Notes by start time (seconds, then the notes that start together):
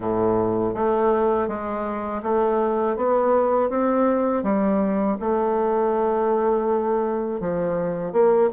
0.00 A2
0.74 A3
1.47 G#3
2.23 A3
2.96 B3
3.69 C4
4.43 G3
5.20 A3
7.40 F3
8.12 A#3